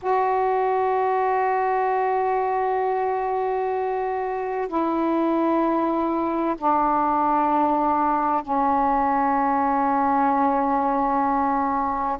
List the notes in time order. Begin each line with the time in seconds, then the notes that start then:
0.02 F#4
4.67 E4
6.58 D4
8.42 C#4